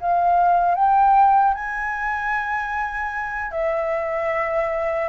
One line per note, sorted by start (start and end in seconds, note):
0.00 0.75 F5
0.75 1.54 G5
1.54 3.51 G#5
3.51 5.08 E5